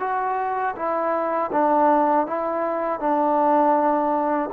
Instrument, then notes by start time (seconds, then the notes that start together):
trombone
0.00 F#4
0.76 E4
1.52 D4
2.26 E4
3.00 D4